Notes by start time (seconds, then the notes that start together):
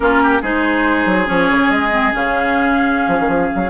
0.00 A#3 C#4 F4 A#4
0.22 G4
0.42 G#3 D#4 G#4 C5
1.05 F#3
1.25 F3 C#4 C#5
1.50 C#3
1.70 G#3 D#5
1.90 C4
2.12 C#3 C#4 F5
3.07 F3
3.20 D#3
3.28 F3
3.55 F#3